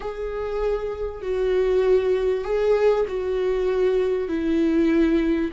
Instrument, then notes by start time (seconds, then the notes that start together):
viola
0.00 G#4
1.22 F#4
2.44 G#4
3.08 F#4
4.28 E4